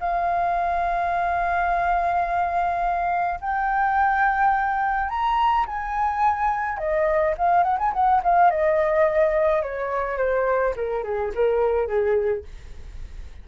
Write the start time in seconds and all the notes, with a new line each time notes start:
0.00 F5
3.41 G5
5.09 A#5
5.67 G#5
6.78 D#5
7.38 F5
7.63 F#5
7.79 G#5
7.93 F#5
8.23 F5
8.50 D#5
9.63 C#5
10.18 C5
10.76 A#4
11.04 G#4
11.35 A#4
11.87 G#4